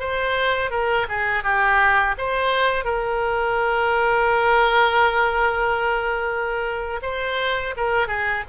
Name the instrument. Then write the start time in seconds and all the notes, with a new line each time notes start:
oboe
0.00 C5
0.71 A#4
1.09 G#4
1.43 G4
2.18 C5
2.85 A#4
7.02 C5
7.77 A#4
8.08 G#4